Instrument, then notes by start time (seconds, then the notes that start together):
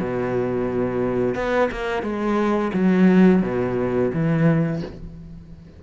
cello
0.00 B2
1.35 B3
1.72 A#3
2.03 G#3
2.74 F#3
3.43 B2
4.13 E3